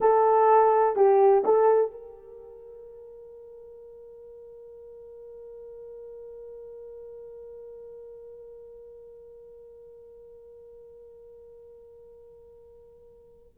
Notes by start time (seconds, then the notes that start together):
0.00 A4
0.95 G4
1.45 A4
1.91 A#4